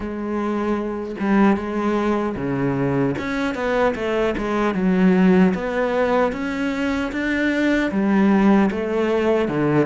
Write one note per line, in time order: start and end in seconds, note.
0.00 1.15 G#3
1.19 1.56 G3
1.56 2.35 G#3
2.36 3.15 C#3
3.18 3.55 C#4
3.55 3.94 B3
3.95 4.34 A3
4.37 4.74 G#3
4.74 5.53 F#3
5.54 6.32 B3
6.32 7.11 C#4
7.12 7.91 D4
7.91 8.70 G3
8.71 9.48 A3
9.48 9.86 D3